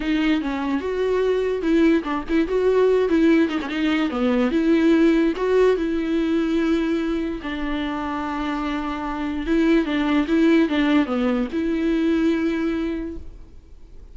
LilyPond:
\new Staff \with { instrumentName = "viola" } { \time 4/4 \tempo 4 = 146 dis'4 cis'4 fis'2 | e'4 d'8 e'8 fis'4. e'8~ | e'8 dis'16 cis'16 dis'4 b4 e'4~ | e'4 fis'4 e'2~ |
e'2 d'2~ | d'2. e'4 | d'4 e'4 d'4 b4 | e'1 | }